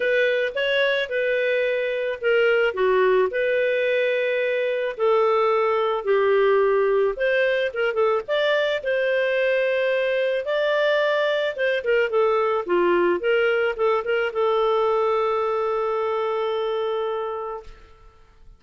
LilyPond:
\new Staff \with { instrumentName = "clarinet" } { \time 4/4 \tempo 4 = 109 b'4 cis''4 b'2 | ais'4 fis'4 b'2~ | b'4 a'2 g'4~ | g'4 c''4 ais'8 a'8 d''4 |
c''2. d''4~ | d''4 c''8 ais'8 a'4 f'4 | ais'4 a'8 ais'8 a'2~ | a'1 | }